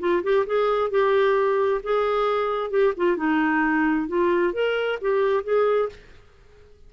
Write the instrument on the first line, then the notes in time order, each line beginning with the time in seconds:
clarinet
0.00 F4
0.24 G4
0.47 G#4
0.91 G4
1.84 G#4
2.71 G4
2.97 F4
3.17 D#4
4.08 F4
4.54 A#4
5.02 G4
5.44 G#4